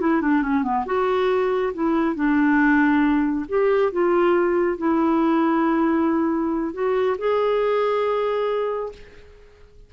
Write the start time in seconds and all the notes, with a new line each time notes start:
0.00 E4
0.21 D4
0.42 C#4
0.63 B3
0.86 F#4
1.74 E4
2.15 D4
3.48 G4
3.92 F4
4.78 E4
6.73 F#4
7.18 G#4